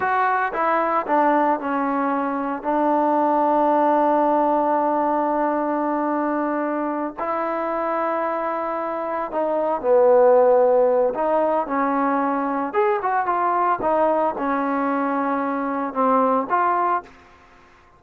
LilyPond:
\new Staff \with { instrumentName = "trombone" } { \time 4/4 \tempo 4 = 113 fis'4 e'4 d'4 cis'4~ | cis'4 d'2.~ | d'1~ | d'4. e'2~ e'8~ |
e'4. dis'4 b4.~ | b4 dis'4 cis'2 | gis'8 fis'8 f'4 dis'4 cis'4~ | cis'2 c'4 f'4 | }